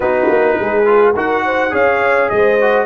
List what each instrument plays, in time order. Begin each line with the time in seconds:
0.00 tuba B3, trombone D#4, horn F#4, trumpet B4
0.28 tuba A#3
0.59 tuba G#3, horn G#4
0.85 trombone F4
1.14 tuba D#4, trombone F#4, horn A#4, trumpet F#5
1.45 horn C5
1.70 tuba C#4, trombone G#4, horn C#5, trumpet F5
2.29 tuba G#3, horn C5, trumpet D#5
2.61 trombone F#4